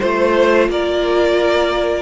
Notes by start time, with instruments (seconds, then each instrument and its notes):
0.00 cello A3, viola F4, violin C5
0.69 cello A#3, violin A#4 D5